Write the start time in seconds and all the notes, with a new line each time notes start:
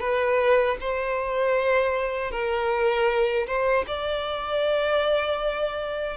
0.00 B4
0.80 C5
2.31 A#4
3.47 C5
3.87 D5